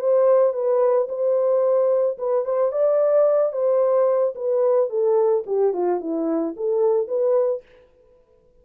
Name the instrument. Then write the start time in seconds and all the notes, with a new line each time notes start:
horn
0.00 C5
0.53 B4
1.09 C5
2.18 B4
2.45 C5
2.72 D5
3.52 C5
4.35 B4
4.90 A4
5.46 G4
5.73 F4
6.00 E4
6.57 A4
7.08 B4